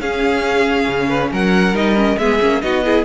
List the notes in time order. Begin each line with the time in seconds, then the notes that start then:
0.00 C#4 G#4 F5
0.88 C#3
1.08 B4
1.32 F#3 A#4 F#5
1.73 G3 D#4 D#5
1.96 C#4
2.18 G#3 B3 G#4 E5
2.40 A#3 C#4
2.61 B3 D#4 F#4 D#5
2.85 E4 G#4